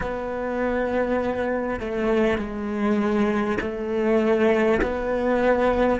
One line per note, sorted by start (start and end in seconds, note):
0.01 1.79 B3
1.79 2.38 A3
2.38 3.58 G#3
3.60 4.80 A3
4.82 5.99 B3